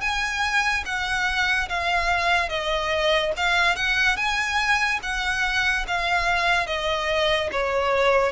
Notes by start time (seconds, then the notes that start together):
0.00 G#5
0.85 F#5
1.69 F5
2.48 D#5
3.36 F5
3.75 F#5
4.16 G#5
5.02 F#5
5.87 F5
6.66 D#5
7.52 C#5